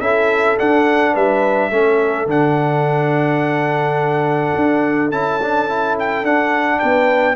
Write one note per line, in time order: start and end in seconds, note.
0.00 0.57 C#4
0.00 0.58 E4
0.00 1.13 A4
0.00 0.57 E5
0.58 1.71 D4
0.58 1.15 D4
0.58 1.15 F#5
1.13 1.70 G3
1.13 1.70 B4
1.13 2.28 E5
1.70 2.26 A3
1.70 2.27 C#4
1.70 6.79 A4
2.26 4.52 D3
2.26 5.11 D4
2.26 5.11 F#5
4.55 5.11 D4
5.11 6.23 C#4
5.11 5.40 E4
5.11 5.96 A5
5.42 5.68 D4
5.68 6.24 E4
5.99 6.25 G5
6.23 6.79 D4
6.23 7.36 D4
6.23 6.79 F#5
6.79 7.36 B3
6.79 7.36 B4
6.79 7.36 G5